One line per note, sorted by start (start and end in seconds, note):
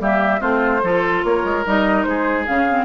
0.00 0.41 G3
0.00 0.40 A#3
0.00 0.41 G4
0.00 0.41 E5
0.40 0.83 A3
0.40 0.81 C4
0.40 0.81 F4
0.40 1.23 C5
0.83 1.24 F3
0.83 1.65 F4
0.83 1.25 A4
1.24 1.44 A#3
1.24 2.08 A#4
1.24 1.66 C#5
1.44 1.65 G#3
1.65 2.06 G3
1.65 2.47 D#4
1.65 2.03 D#5
2.03 2.47 G#3
2.03 2.85 G#4
2.03 2.44 C5
2.47 2.85 C#3
2.47 2.67 C#4
2.47 2.85 F5
2.69 2.85 C4